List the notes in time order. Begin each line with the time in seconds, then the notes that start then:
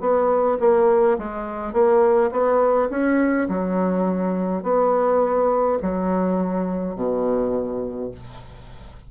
0.00 B3
0.60 A#3
1.18 G#3
1.73 A#3
2.31 B3
2.90 C#4
3.49 F#3
4.63 B3
5.82 F#3
6.95 B2